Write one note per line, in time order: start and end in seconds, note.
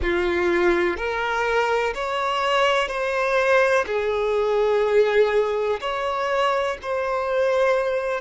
0.02 0.97 F4
0.97 1.94 A#4
1.94 2.88 C#5
2.88 3.84 C5
3.86 5.80 G#4
5.80 6.77 C#5
6.81 8.20 C5